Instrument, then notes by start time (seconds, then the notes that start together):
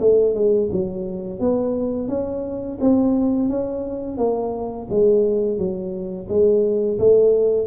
tuba
0.00 A3
0.35 G#3
0.72 F#3
1.40 B3
2.09 C#4
2.81 C4
3.49 C#4
4.18 A#3
4.90 G#3
5.58 F#3
6.29 G#3
6.99 A3